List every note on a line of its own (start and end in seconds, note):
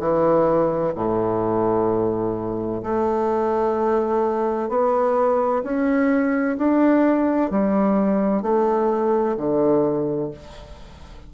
0.00 0.94 E3
0.95 2.83 A2
2.83 4.69 A3
4.69 5.63 B3
5.64 6.58 C#4
6.58 7.51 D4
7.51 8.42 G3
8.42 9.36 A3
9.37 10.31 D3